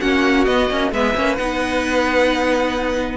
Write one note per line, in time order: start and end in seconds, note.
0.00 0.47 A#3
0.00 0.46 C#4
0.00 0.93 F#4
0.00 0.45 F#5
0.45 0.69 B3
0.45 0.70 B3
0.45 0.91 D#5
0.71 0.92 A#3
0.71 0.94 C#4
0.92 1.15 G#3
0.92 1.15 B3
0.92 3.17 B4
0.92 1.36 E5
1.15 1.39 A#3
1.15 1.38 C#4
1.36 3.17 B3
1.36 3.17 D#4
1.36 3.17 F#5